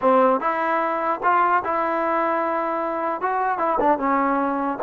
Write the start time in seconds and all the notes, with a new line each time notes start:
0.01 C4
0.40 E4
1.23 F4
1.64 E4
3.21 F#4
3.58 E4
3.80 D4
3.98 C#4